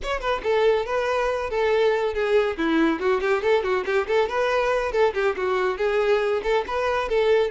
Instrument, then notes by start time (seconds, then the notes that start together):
violin
0.02 C#5
0.20 B4
0.43 A4
0.85 B4
1.50 A4
2.14 G#4
2.57 E4
2.99 F#4
3.20 G4
3.42 A4
3.63 F#4
3.85 G4
4.07 A4
4.28 B4
4.92 A4
5.14 G4
5.36 F#4
5.77 G#4
6.43 A4
6.67 B4
7.08 A4